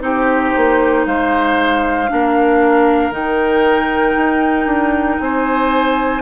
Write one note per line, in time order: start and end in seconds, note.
0.00 0.52 C4
0.00 2.07 D#4
0.00 1.06 G4
0.00 1.06 C5
0.56 1.06 A#3
1.06 2.09 G#3
1.06 2.10 C5
1.06 3.13 F5
2.08 3.11 A#3
2.08 3.12 D4
2.08 5.22 A#4
3.11 4.14 D#3
3.11 6.22 D#4
3.11 5.20 G5
4.17 4.65 D#4
4.65 5.17 D4
5.20 6.22 C4
5.20 6.22 C5
5.20 6.22 G#5